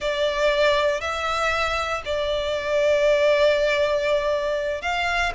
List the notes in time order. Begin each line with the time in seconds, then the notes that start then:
0.00 D5
1.00 E5
2.05 D5
4.81 F5